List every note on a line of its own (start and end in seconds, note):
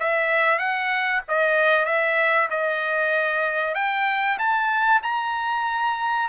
0.00 0.59 E5
0.59 1.22 F#5
1.28 1.86 D#5
1.86 2.49 E5
2.50 3.75 D#5
3.75 4.38 G5
4.39 5.02 A5
5.03 6.29 A#5